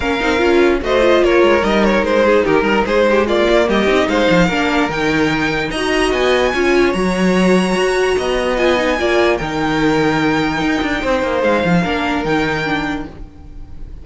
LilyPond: <<
  \new Staff \with { instrumentName = "violin" } { \time 4/4 \tempo 4 = 147 f''2 dis''4 cis''4 | dis''8 cis''8 c''4 ais'4 c''4 | d''4 dis''4 f''2 | g''2 ais''4 gis''4~ |
gis''4 ais''2.~ | ais''4 gis''2 g''4~ | g''1 | f''2 g''2 | }
  \new Staff \with { instrumentName = "violin" } { \time 4/4 ais'2 c''4 ais'4~ | ais'4. gis'8 g'8 ais'8 gis'8 g'8 | f'4 g'4 c''4 ais'4~ | ais'2 dis''2 |
cis''1 | dis''2 d''4 ais'4~ | ais'2. c''4~ | c''4 ais'2. | }
  \new Staff \with { instrumentName = "viola" } { \time 4/4 cis'8 dis'8 f'4 fis'8 f'4. | dis'1 | ais4. dis'4. d'4 | dis'2 fis'2 |
f'4 fis'2.~ | fis'4 f'8 dis'8 f'4 dis'4~ | dis'1~ | dis'4 d'4 dis'4 d'4 | }
  \new Staff \with { instrumentName = "cello" } { \time 4/4 ais8 c'8 cis'4 a4 ais8 gis8 | g4 gis4 dis8 g8 gis4~ | gis8 ais8 g8 c'8 gis8 f8 ais4 | dis2 dis'4 b4 |
cis'4 fis2 fis'4 | b2 ais4 dis4~ | dis2 dis'8 d'8 c'8 ais8 | gis8 f8 ais4 dis2 | }
>>